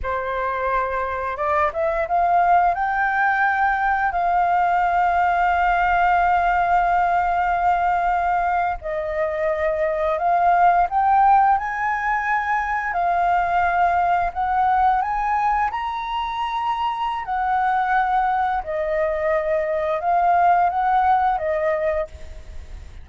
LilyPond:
\new Staff \with { instrumentName = "flute" } { \time 4/4 \tempo 4 = 87 c''2 d''8 e''8 f''4 | g''2 f''2~ | f''1~ | f''8. dis''2 f''4 g''16~ |
g''8. gis''2 f''4~ f''16~ | f''8. fis''4 gis''4 ais''4~ ais''16~ | ais''4 fis''2 dis''4~ | dis''4 f''4 fis''4 dis''4 | }